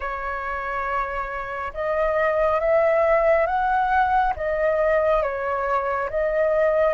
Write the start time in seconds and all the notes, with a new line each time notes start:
0.00 C#5
1.73 D#5
2.59 E5
3.46 F#5
4.36 D#5
5.22 C#5
6.09 D#5